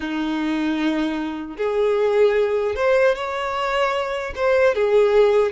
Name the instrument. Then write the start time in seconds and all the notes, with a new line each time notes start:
violin
0.00 D#4
1.57 G#4
2.75 C5
3.15 C#5
4.35 C5
4.74 G#4